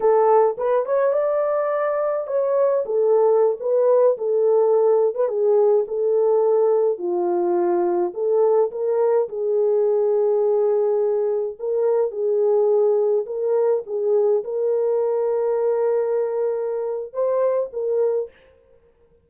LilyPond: \new Staff \with { instrumentName = "horn" } { \time 4/4 \tempo 4 = 105 a'4 b'8 cis''8 d''2 | cis''4 a'4~ a'16 b'4 a'8.~ | a'4 b'16 gis'4 a'4.~ a'16~ | a'16 f'2 a'4 ais'8.~ |
ais'16 gis'2.~ gis'8.~ | gis'16 ais'4 gis'2 ais'8.~ | ais'16 gis'4 ais'2~ ais'8.~ | ais'2 c''4 ais'4 | }